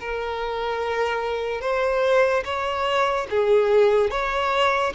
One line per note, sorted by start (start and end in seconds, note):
0.00 1.61 A#4
1.61 2.44 C5
2.45 3.27 C#5
3.30 4.11 G#4
4.11 4.93 C#5